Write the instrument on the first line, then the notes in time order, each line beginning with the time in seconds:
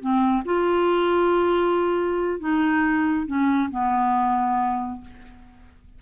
clarinet
0.00 C4
0.45 F4
2.40 D#4
3.26 C#4
3.70 B3